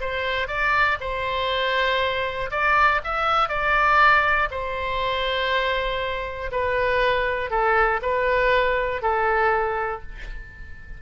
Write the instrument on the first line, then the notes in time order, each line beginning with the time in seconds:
oboe
0.00 C5
0.47 D5
1.00 C5
2.50 D5
3.03 E5
3.48 D5
4.50 C5
6.51 B4
7.50 A4
8.02 B4
9.01 A4